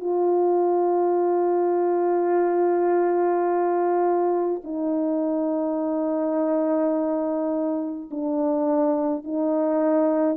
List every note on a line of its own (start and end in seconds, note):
0.00 4.62 F4
4.64 8.10 D#4
8.11 9.25 D4
9.25 10.37 D#4